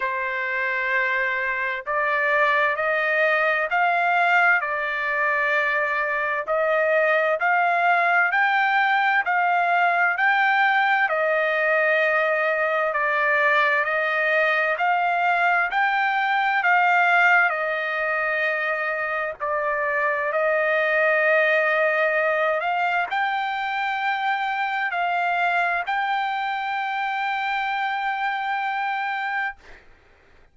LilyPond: \new Staff \with { instrumentName = "trumpet" } { \time 4/4 \tempo 4 = 65 c''2 d''4 dis''4 | f''4 d''2 dis''4 | f''4 g''4 f''4 g''4 | dis''2 d''4 dis''4 |
f''4 g''4 f''4 dis''4~ | dis''4 d''4 dis''2~ | dis''8 f''8 g''2 f''4 | g''1 | }